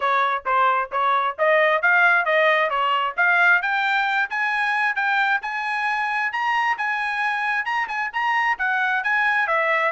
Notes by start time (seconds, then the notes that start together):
0.00 C#5
0.45 C5
0.91 C#5
1.38 D#5
1.81 F5
2.25 D#5
2.69 C#5
3.16 F5
3.62 G5
4.30 G#5
4.95 G5
5.42 G#5
6.32 A#5
6.77 G#5
7.65 A#5
7.88 G#5
8.12 A#5
8.58 F#5
9.03 G#5
9.47 E5